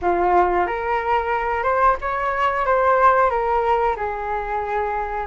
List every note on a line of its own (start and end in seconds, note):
0.01 0.67 F4
0.67 1.63 A#4
1.63 1.96 C5
2.01 2.65 C#5
2.65 3.30 C5
3.30 3.96 A#4
3.96 5.26 G#4